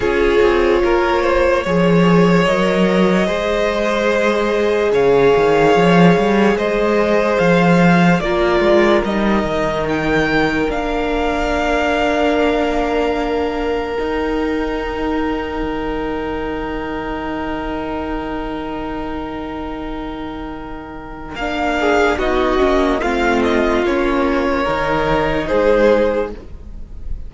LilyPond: <<
  \new Staff \with { instrumentName = "violin" } { \time 4/4 \tempo 4 = 73 cis''2. dis''4~ | dis''2 f''2 | dis''4 f''4 d''4 dis''4 | g''4 f''2.~ |
f''4 g''2.~ | g''1~ | g''2 f''4 dis''4 | f''8 dis''8 cis''2 c''4 | }
  \new Staff \with { instrumentName = "violin" } { \time 4/4 gis'4 ais'8 c''8 cis''2 | c''2 cis''2 | c''2 ais'2~ | ais'1~ |
ais'1~ | ais'1~ | ais'2~ ais'8 gis'8 fis'4 | f'2 ais'4 gis'4 | }
  \new Staff \with { instrumentName = "viola" } { \time 4/4 f'2 gis'4 ais'4 | gis'1~ | gis'2 f'4 dis'4~ | dis'4 d'2.~ |
d'4 dis'2.~ | dis'1~ | dis'2 d'4 dis'8 cis'8 | c'4 cis'4 dis'2 | }
  \new Staff \with { instrumentName = "cello" } { \time 4/4 cis'8 c'8 ais4 f4 fis4 | gis2 cis8 dis8 f8 g8 | gis4 f4 ais8 gis8 g8 dis8~ | dis4 ais2.~ |
ais4 dis'2 dis4~ | dis1~ | dis2 ais4 b8 ais8 | a4 ais4 dis4 gis4 | }
>>